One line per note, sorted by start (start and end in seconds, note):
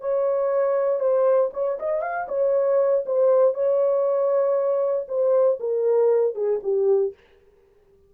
0.00 1.00 C#5
1.00 1.50 C5
1.53 1.78 C#5
1.79 2.02 D#5
2.02 2.27 F5
2.28 3.04 C#5
3.06 3.54 C5
3.54 5.07 C#5
5.08 5.59 C5
5.60 6.35 A#4
6.35 6.60 G#4
6.63 7.13 G4